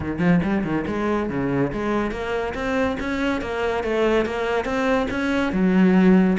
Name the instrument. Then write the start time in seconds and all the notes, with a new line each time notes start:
cello
0.00 D#3
0.18 F3
0.43 G3
0.63 D#3
0.87 G#3
1.29 C#3
1.73 G#3
2.11 A#3
2.54 C4
3.00 C#4
3.41 A#3
3.83 A3
4.25 A#3
4.64 C4
5.10 C#4
5.52 F#3